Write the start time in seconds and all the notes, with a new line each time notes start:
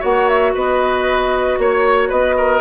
0.00 A#3 F#4 C#5 F#5
0.29 E5
0.55 B3 B4 D#5
1.58 A#3 C#5
2.09 B3 B4 D#5
2.37 A#4